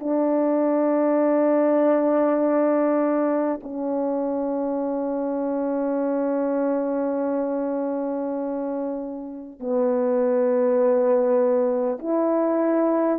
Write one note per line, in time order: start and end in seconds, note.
0.00 3.60 D4
3.63 9.60 C#4
9.60 11.99 B3
11.99 13.19 E4